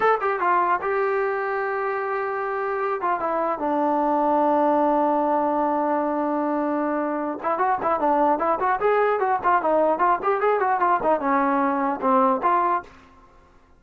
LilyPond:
\new Staff \with { instrumentName = "trombone" } { \time 4/4 \tempo 4 = 150 a'8 g'8 f'4 g'2~ | g'2.~ g'8 f'8 | e'4 d'2.~ | d'1~ |
d'2~ d'8 e'8 fis'8 e'8 | d'4 e'8 fis'8 gis'4 fis'8 f'8 | dis'4 f'8 g'8 gis'8 fis'8 f'8 dis'8 | cis'2 c'4 f'4 | }